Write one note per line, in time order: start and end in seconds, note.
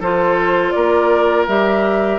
0.00 0.73 F3
0.00 1.48 F4
0.00 0.73 A4
0.00 0.71 C5
0.71 1.48 A#3
0.71 2.19 A#4
0.71 1.45 D5
1.48 2.19 G3
1.48 2.19 G4
1.48 2.19 E5